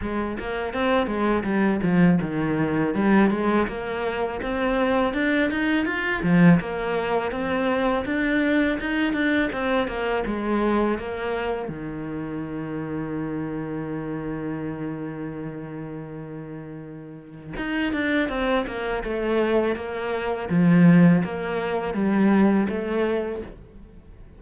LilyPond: \new Staff \with { instrumentName = "cello" } { \time 4/4 \tempo 4 = 82 gis8 ais8 c'8 gis8 g8 f8 dis4 | g8 gis8 ais4 c'4 d'8 dis'8 | f'8 f8 ais4 c'4 d'4 | dis'8 d'8 c'8 ais8 gis4 ais4 |
dis1~ | dis1 | dis'8 d'8 c'8 ais8 a4 ais4 | f4 ais4 g4 a4 | }